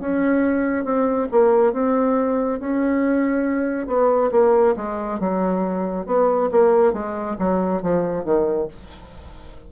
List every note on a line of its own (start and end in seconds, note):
0.00 0.85 C#4
0.85 1.28 C4
1.32 1.73 A#3
1.73 2.60 C4
2.60 3.87 C#4
3.87 4.30 B3
4.31 4.75 A#3
4.76 5.20 G#3
5.20 6.06 F#3
6.06 6.50 B3
6.51 6.93 A#3
6.93 7.37 G#3
7.39 7.82 F#3
7.82 8.25 F3
8.25 8.68 D#3